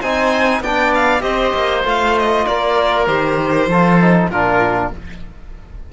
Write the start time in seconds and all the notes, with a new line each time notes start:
0.00 C4 D#4 C5 G#5
0.60 B3 D4 D5 G5
0.94 F5
1.20 C4 G4 C5 D#5
1.54 A#3
1.84 A3 F4 F5
2.18 D#5
2.46 A#3 A#4 D5
3.06 D#3 G4 C5
3.66 F3 F4 A4
4.00 D#4
4.29 A#2 D4 F4 A#4